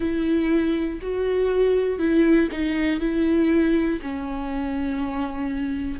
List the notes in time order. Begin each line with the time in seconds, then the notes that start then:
0.00 E4
1.01 F#4
1.99 E4
2.51 D#4
3.00 E4
4.02 C#4